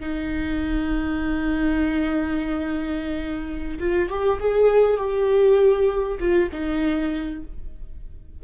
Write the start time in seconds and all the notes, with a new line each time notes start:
0.00 D#4
3.79 F4
4.09 G4
4.39 G#4
4.97 G4
6.19 F4
6.52 D#4